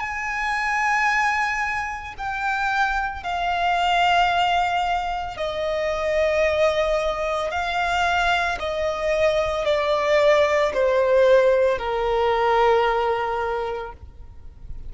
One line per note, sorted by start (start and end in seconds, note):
0.00 2.14 G#5
2.18 3.24 G5
3.24 5.37 F5
5.37 7.51 D#5
7.51 8.59 F5
8.60 9.66 D#5
9.66 10.73 D5
10.74 11.79 C5
11.79 13.93 A#4